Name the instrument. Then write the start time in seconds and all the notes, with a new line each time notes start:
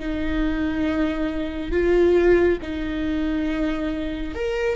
viola
0.00 D#4
1.72 F4
2.62 D#4
4.35 A#4